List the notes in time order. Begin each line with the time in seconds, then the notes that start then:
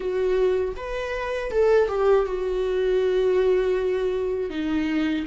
0.00 F#4
0.76 B4
1.51 A4
1.88 G4
2.25 F#4
4.50 D#4